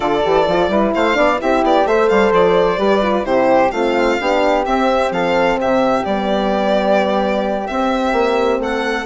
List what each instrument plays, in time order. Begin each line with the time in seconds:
0.00 bassoon D3, horn F4, flute A4, violin D5
0.23 bassoon E3, horn G4
0.47 bassoon F3, horn F4
0.68 bassoon G3, horn E4, flute B4
0.94 bassoon A3, flute C5, violin F5
1.14 bassoon B3, horn D4, flute D5
1.39 bassoon C4, horn E4, flute G4, violin E5
1.63 bassoon B3, violin D5
1.85 bassoon A3, horn A4, flute C5, violin E5
2.08 bassoon G3, violin F5
2.32 bassoon F3, violin D5
2.77 bassoon G3, horn G4, flute B4
3.02 horn F4
3.23 bassoon C3, horn E4, flute G4, violin C5
3.71 bassoon A3, horn C4, flute F4, violin F5
4.19 bassoon B3, horn D4, flute G4
4.65 horn C4, bassoon C4, violin E5
5.11 bassoon F3, flute A4, violin F5
5.60 bassoon C3, flute G4, violin E5
6.04 bassoon G3, horn B3, violin D5
7.66 horn C4, bassoon C4, violin E5
8.12 bassoon A#3
8.59 bassoon A3, flute A4, violin F#5